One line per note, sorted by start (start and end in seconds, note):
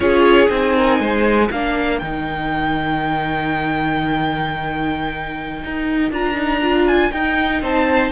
0.00 0.48 C#4
0.00 0.48 F4
0.00 0.76 G#4
0.00 0.48 C#5
0.48 0.99 C4
0.48 1.48 D#4
0.48 1.48 G#5
0.76 1.00 A#4
0.99 1.49 G#3
0.99 1.50 C5
1.50 2.01 A#3
1.50 2.02 D4
1.50 7.62 A#4
1.50 1.98 F5
1.98 5.64 D#3
1.98 6.12 D#4
1.98 6.11 G5
5.64 6.11 D#4
6.11 7.11 D4
6.11 6.34 F4
6.11 6.87 A#5
6.34 6.59 D#4
6.61 7.11 F4
6.87 7.11 G#5
7.11 7.61 D#4
7.11 8.11 D#4
7.11 7.61 G5
7.61 8.11 C4
7.61 8.11 C5
7.61 8.11 A5